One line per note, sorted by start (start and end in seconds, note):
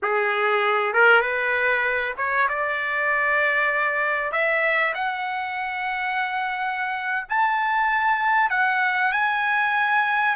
0.02 0.93 G#4
0.93 1.21 A#4
1.21 2.14 B4
2.16 2.47 C#5
2.49 4.32 D5
4.32 4.93 E5
4.94 7.26 F#5
7.28 8.50 A5
8.50 9.12 F#5
9.12 10.35 G#5